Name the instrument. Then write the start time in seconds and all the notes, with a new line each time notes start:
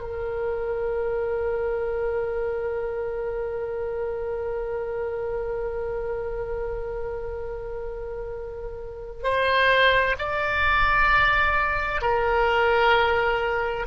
oboe
0.00 A#4
9.23 C5
10.18 D5
12.01 A#4